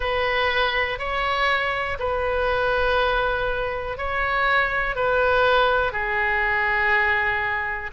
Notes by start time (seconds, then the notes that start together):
0.00 B4
0.98 C#5
1.99 B4
3.97 C#5
4.95 B4
5.92 G#4